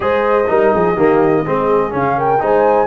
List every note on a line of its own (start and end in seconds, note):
0.00 0.48 G#3
0.00 0.45 G#4
0.00 0.49 C5
0.00 1.93 D#5
0.47 0.73 G3
0.47 0.95 D#4
0.47 0.73 A#4
0.73 0.96 F3
0.73 0.94 G#4
0.94 1.44 D#3
0.94 1.45 A#3
0.94 1.42 G4
1.45 1.93 G#3
1.45 1.90 C4
1.45 2.17 G#4
1.90 2.41 C#3
1.90 2.38 C#4
1.90 2.19 F5
2.17 2.41 A#4
2.17 2.43 G5
2.39 2.87 G#3
2.39 2.87 D#4
2.39 2.87 C5
2.39 2.87 G#5